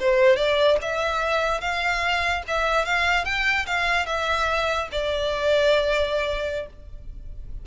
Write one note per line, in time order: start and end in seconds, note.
0.00 0.37 C5
0.37 0.78 D5
0.82 1.61 E5
1.61 2.43 F5
2.48 2.86 E5
2.86 3.25 F5
3.25 3.66 G5
3.67 4.06 F5
4.06 4.89 E5
4.92 6.67 D5